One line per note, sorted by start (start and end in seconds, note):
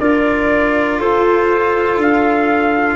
0.00 1.00 D4
0.00 2.96 F4
0.00 0.99 A#4
0.00 1.00 D5
0.99 1.97 F4
0.99 2.96 A4
0.99 2.00 C5
1.97 2.96 D4
1.97 2.96 F5